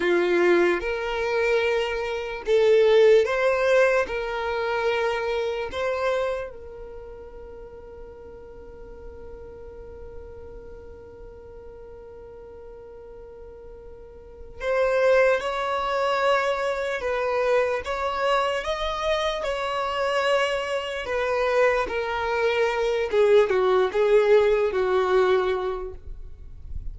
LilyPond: \new Staff \with { instrumentName = "violin" } { \time 4/4 \tempo 4 = 74 f'4 ais'2 a'4 | c''4 ais'2 c''4 | ais'1~ | ais'1~ |
ais'2 c''4 cis''4~ | cis''4 b'4 cis''4 dis''4 | cis''2 b'4 ais'4~ | ais'8 gis'8 fis'8 gis'4 fis'4. | }